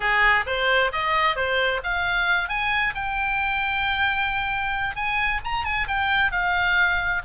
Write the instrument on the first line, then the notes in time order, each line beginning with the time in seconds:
oboe
0.00 G#4
0.46 C5
0.92 D#5
1.36 C5
1.83 F5
2.48 G#5
2.94 G5
4.95 G#5
5.44 A#5
5.64 G#5
5.87 G5
6.31 F5